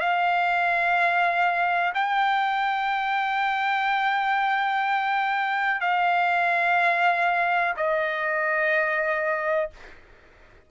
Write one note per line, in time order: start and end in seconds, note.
0.00 1.94 F5
1.95 5.81 G5
5.81 7.75 F5
7.77 9.71 D#5